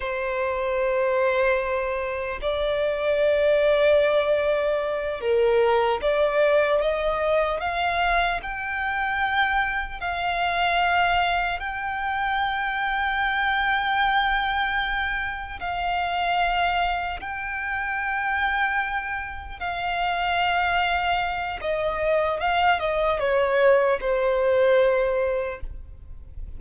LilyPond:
\new Staff \with { instrumentName = "violin" } { \time 4/4 \tempo 4 = 75 c''2. d''4~ | d''2~ d''8 ais'4 d''8~ | d''8 dis''4 f''4 g''4.~ | g''8 f''2 g''4.~ |
g''2.~ g''8 f''8~ | f''4. g''2~ g''8~ | g''8 f''2~ f''8 dis''4 | f''8 dis''8 cis''4 c''2 | }